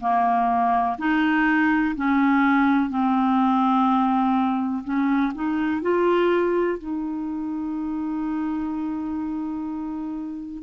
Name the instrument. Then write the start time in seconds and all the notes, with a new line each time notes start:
clarinet
0.00 A#3
0.98 D#4
1.95 C#4
2.89 C4
4.84 C#4
5.34 D#4
5.82 F4
6.78 D#4